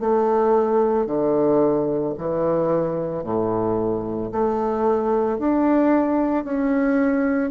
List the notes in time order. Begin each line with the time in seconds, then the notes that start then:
0.00 A3
1.06 D3
2.18 E3
3.23 A2
4.32 A3
5.39 D4
6.44 C#4